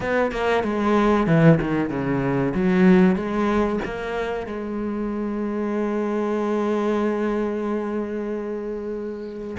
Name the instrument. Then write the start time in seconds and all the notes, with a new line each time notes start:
cello
0.00 B3
0.31 A#3
0.63 G#3
1.26 E3
1.61 D#3
1.89 C#3
2.54 F#3
3.15 G#3
3.84 A#3
4.46 G#3